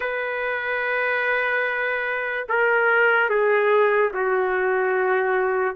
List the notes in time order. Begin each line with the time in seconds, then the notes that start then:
0.00 B4
2.48 A#4
3.29 G#4
4.13 F#4